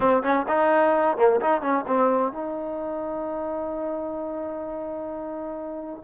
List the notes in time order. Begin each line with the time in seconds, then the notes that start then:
0.00 C4
0.22 C#4
0.48 D#4
1.17 A#3
1.40 D#4
1.61 C#4
1.87 C4
2.32 D#4